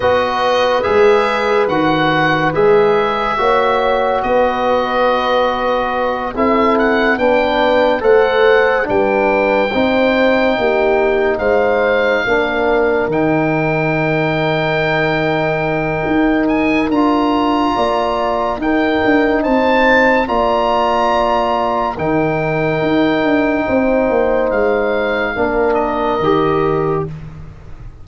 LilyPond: <<
  \new Staff \with { instrumentName = "oboe" } { \time 4/4 \tempo 4 = 71 dis''4 e''4 fis''4 e''4~ | e''4 dis''2~ dis''8 e''8 | fis''8 g''4 fis''4 g''4.~ | g''4. f''2 g''8~ |
g''2.~ g''8 gis''8 | ais''2 g''4 a''4 | ais''2 g''2~ | g''4 f''4. dis''4. | }
  \new Staff \with { instrumentName = "horn" } { \time 4/4 b'1 | cis''4 b'2~ b'8 a'8~ | a'8 b'4 c''4 b'4 c''8~ | c''8 g'4 c''4 ais'4.~ |
ais'1~ | ais'4 d''4 ais'4 c''4 | d''2 ais'2 | c''2 ais'2 | }
  \new Staff \with { instrumentName = "trombone" } { \time 4/4 fis'4 gis'4 fis'4 gis'4 | fis'2.~ fis'8 e'8~ | e'8 d'4 a'4 d'4 dis'8~ | dis'2~ dis'8 d'4 dis'8~ |
dis'1 | f'2 dis'2 | f'2 dis'2~ | dis'2 d'4 g'4 | }
  \new Staff \with { instrumentName = "tuba" } { \time 4/4 b4 gis4 dis4 gis4 | ais4 b2~ b8 c'8~ | c'8 b4 a4 g4 c'8~ | c'8 ais4 gis4 ais4 dis8~ |
dis2. dis'4 | d'4 ais4 dis'8 d'8 c'4 | ais2 dis4 dis'8 d'8 | c'8 ais8 gis4 ais4 dis4 | }
>>